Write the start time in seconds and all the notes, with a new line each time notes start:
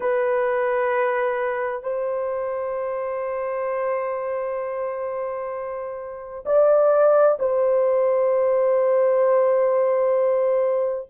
0.00 B4
1.83 C5
6.45 D5
7.38 C5